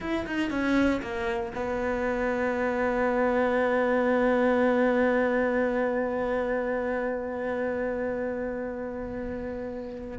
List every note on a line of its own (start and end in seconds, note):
0.00 0.26 E4
0.26 0.50 D#4
0.50 1.01 C#4
1.01 1.52 A#3
1.54 10.18 B3